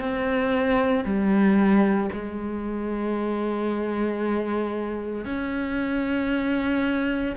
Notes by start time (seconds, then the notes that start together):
0.00 C4
1.04 G3
2.12 G#3
5.25 C#4